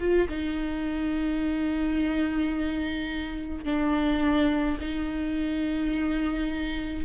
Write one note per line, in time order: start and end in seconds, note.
0.00 0.28 F4
0.29 3.65 D#4
3.65 4.79 D4
4.81 7.05 D#4